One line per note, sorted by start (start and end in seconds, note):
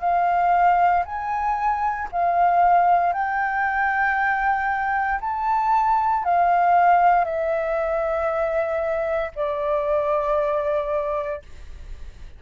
0.00 1.03 F5
1.05 2.08 G#5
2.11 3.12 F5
3.12 5.19 G5
5.21 6.24 A5
6.24 7.24 F5
7.24 9.31 E5
9.35 11.42 D5